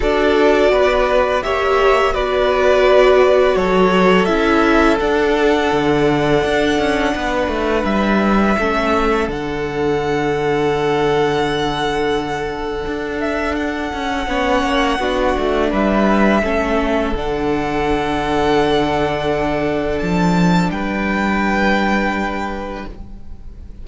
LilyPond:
<<
  \new Staff \with { instrumentName = "violin" } { \time 4/4 \tempo 4 = 84 d''2 e''4 d''4~ | d''4 cis''4 e''4 fis''4~ | fis''2. e''4~ | e''4 fis''2.~ |
fis''2~ fis''8 e''8 fis''4~ | fis''2 e''2 | fis''1 | a''4 g''2. | }
  \new Staff \with { instrumentName = "violin" } { \time 4/4 a'4 b'4 cis''4 b'4~ | b'4 a'2.~ | a'2 b'2 | a'1~ |
a'1 | cis''4 fis'4 b'4 a'4~ | a'1~ | a'4 b'2. | }
  \new Staff \with { instrumentName = "viola" } { \time 4/4 fis'2 g'4 fis'4~ | fis'2 e'4 d'4~ | d'1 | cis'4 d'2.~ |
d'1 | cis'4 d'2 cis'4 | d'1~ | d'1 | }
  \new Staff \with { instrumentName = "cello" } { \time 4/4 d'4 b4 ais4 b4~ | b4 fis4 cis'4 d'4 | d4 d'8 cis'8 b8 a8 g4 | a4 d2.~ |
d2 d'4. cis'8 | b8 ais8 b8 a8 g4 a4 | d1 | f4 g2. | }
>>